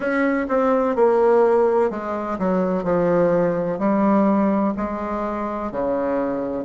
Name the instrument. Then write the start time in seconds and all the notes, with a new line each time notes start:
bassoon
0.00 C#4
0.48 C4
0.95 A#3
1.90 G#3
2.39 F#3
2.83 F3
3.78 G3
4.76 G#3
5.71 C#3